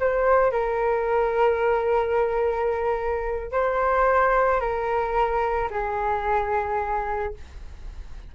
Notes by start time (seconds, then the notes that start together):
0.00 C5
0.52 A#4
3.52 C5
4.60 A#4
5.70 G#4